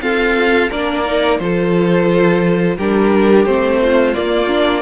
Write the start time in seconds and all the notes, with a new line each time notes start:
0.00 C4 F4 A4 F5
0.70 A#3 D4 A#4 D5
1.05 D#4
1.38 F3 F4 A4 C5
2.77 G3 D4 G4 A#4
3.45 A3 C4 C5
3.81 F4
4.14 A#3 D5
4.47 D4